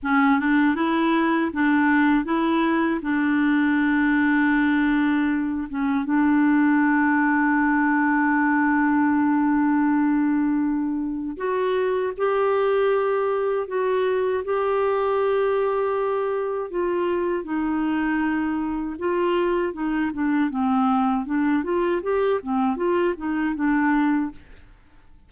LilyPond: \new Staff \with { instrumentName = "clarinet" } { \time 4/4 \tempo 4 = 79 cis'8 d'8 e'4 d'4 e'4 | d'2.~ d'8 cis'8 | d'1~ | d'2. fis'4 |
g'2 fis'4 g'4~ | g'2 f'4 dis'4~ | dis'4 f'4 dis'8 d'8 c'4 | d'8 f'8 g'8 c'8 f'8 dis'8 d'4 | }